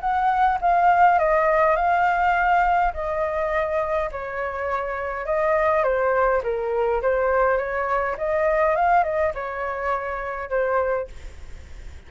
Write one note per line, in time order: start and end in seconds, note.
0.00 0.58 F#5
0.61 1.19 F5
1.19 1.76 D#5
1.76 2.92 F5
2.94 4.10 D#5
4.12 5.26 C#5
5.26 5.83 D#5
5.83 6.42 C5
6.43 7.01 A#4
7.02 7.58 C5
7.58 8.16 C#5
8.18 8.75 D#5
8.75 9.04 F5
9.04 9.33 D#5
9.34 10.49 C#5
10.49 11.08 C5